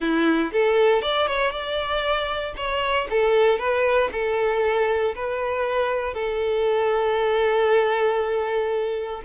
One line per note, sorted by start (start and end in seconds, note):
0.00 0.52 E4
0.52 1.02 A4
1.02 1.27 D5
1.27 1.51 C#5
1.51 2.53 D5
2.56 3.07 C#5
3.10 3.59 A4
3.59 4.10 B4
4.12 5.14 A4
5.15 6.14 B4
6.14 9.21 A4